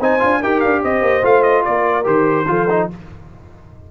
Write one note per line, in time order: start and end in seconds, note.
0.00 0.21 C4
0.00 0.20 D#4
0.00 0.40 C5
0.00 0.43 G#5
0.20 0.43 D4
0.20 0.40 F4
0.40 0.63 D#4
0.40 1.23 G4
0.40 0.82 A#4
0.40 0.61 G5
0.61 0.83 D4
0.61 0.81 F5
0.82 1.02 C4
0.82 1.65 C5
0.82 1.25 D#5
1.02 1.23 A#3
1.23 1.64 A3
1.23 2.04 F4
1.23 1.43 F5
1.43 1.63 D#5
1.65 2.06 A#3
1.65 2.48 A#4
1.65 2.06 D5
2.04 2.48 D#3
2.04 2.45 G4
2.04 2.89 C5
2.48 2.90 F3
2.48 2.68 F4
2.48 2.91 A4
2.70 2.91 D#4